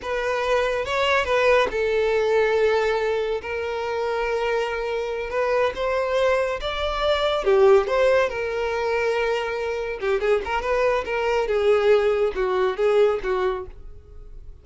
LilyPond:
\new Staff \with { instrumentName = "violin" } { \time 4/4 \tempo 4 = 141 b'2 cis''4 b'4 | a'1 | ais'1~ | ais'8 b'4 c''2 d''8~ |
d''4. g'4 c''4 ais'8~ | ais'2.~ ais'8 g'8 | gis'8 ais'8 b'4 ais'4 gis'4~ | gis'4 fis'4 gis'4 fis'4 | }